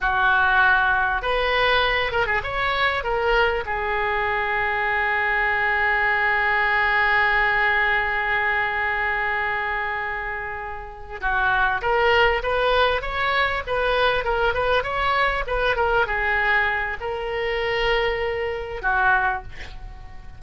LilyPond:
\new Staff \with { instrumentName = "oboe" } { \time 4/4 \tempo 4 = 99 fis'2 b'4. ais'16 gis'16 | cis''4 ais'4 gis'2~ | gis'1~ | gis'1~ |
gis'2~ gis'8 fis'4 ais'8~ | ais'8 b'4 cis''4 b'4 ais'8 | b'8 cis''4 b'8 ais'8 gis'4. | ais'2. fis'4 | }